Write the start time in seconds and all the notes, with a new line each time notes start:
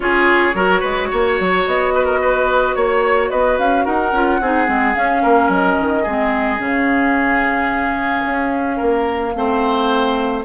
0.00 C#4 F4 G#4 C#5
0.54 F#3 F#4 A#4
0.79 G#3 B4
1.11 A#3 C#5
1.40 F#3
1.66 B3 D#5
1.94 B4
2.04 A#4
2.21 B4
2.75 A#3 C#5
3.29 B3 B4 D#5
3.58 C#4 F5
3.84 D#4 A#4 F#5
4.12 C#4 F4
4.40 C4 D#4 G#4
4.66 G#3 C4
4.94 C#4 F5
5.22 A#3 A#4
5.48 F#3 D#5
5.80 D#3
6.02 G#3 C4 G#4
6.58 C#3 C#4 F5
8.25 C#4
8.76 A#3 A#4
9.34 A3 C4 C5